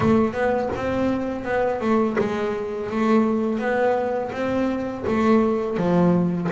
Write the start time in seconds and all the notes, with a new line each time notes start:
0.00 A3
0.33 B3
0.75 C4
1.44 B3
1.80 A3
2.18 G#3
2.89 A3
3.58 B3
4.32 C4
5.07 A3
5.77 F3